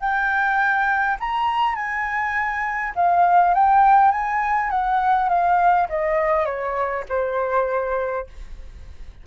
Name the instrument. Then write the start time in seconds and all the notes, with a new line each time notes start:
flute
0.00 G5
1.20 A#5
1.76 G#5
2.96 F5
3.55 G5
4.12 G#5
4.71 F#5
5.29 F5
5.89 D#5
6.46 C#5
7.09 C5